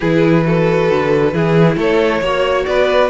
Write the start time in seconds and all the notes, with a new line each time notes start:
0.00 E3 E4 G#4 B4
0.44 F#4 A4
0.90 D3
1.32 E3 E4 G#4
1.76 A3 A4 C#5
2.21 A#3 F#4 C#5
2.66 B3 B4 D5